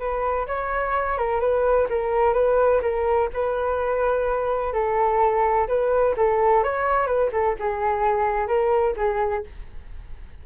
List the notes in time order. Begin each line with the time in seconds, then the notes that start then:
0.00 B4
0.47 C#5
1.18 A#4
1.41 B4
1.90 A#4
2.34 B4
2.82 A#4
3.34 B4
4.74 A4
5.68 B4
6.17 A4
6.64 C#5
7.07 B4
7.33 A4
7.60 G#4
8.48 A#4
8.97 G#4